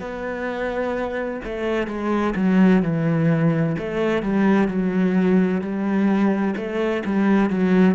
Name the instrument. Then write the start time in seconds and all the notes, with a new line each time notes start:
cello
0.00 B3
1.44 A3
1.87 G#3
2.35 F#3
2.82 E3
3.78 A3
4.22 G3
4.68 F#3
5.61 G3
6.56 A3
7.05 G3
7.50 F#3